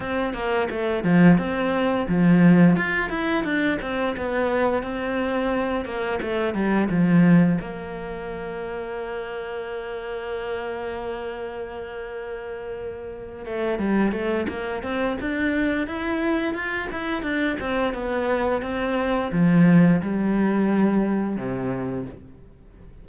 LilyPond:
\new Staff \with { instrumentName = "cello" } { \time 4/4 \tempo 4 = 87 c'8 ais8 a8 f8 c'4 f4 | f'8 e'8 d'8 c'8 b4 c'4~ | c'8 ais8 a8 g8 f4 ais4~ | ais1~ |
ais2.~ ais8 a8 | g8 a8 ais8 c'8 d'4 e'4 | f'8 e'8 d'8 c'8 b4 c'4 | f4 g2 c4 | }